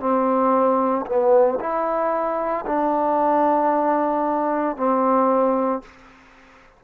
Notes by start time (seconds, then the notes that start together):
0.00 C4
1.06 B3
1.60 E4
2.67 D4
4.77 C4